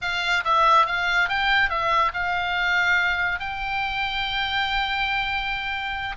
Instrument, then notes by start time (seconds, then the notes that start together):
oboe
0.01 F5
0.44 E5
0.86 F5
1.28 G5
1.69 E5
2.13 F5
3.39 G5